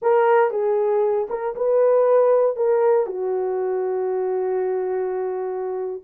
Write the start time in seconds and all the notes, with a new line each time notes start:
0.02 A#4
0.50 G#4
1.29 A#4
1.55 B4
2.56 A#4
3.06 F#4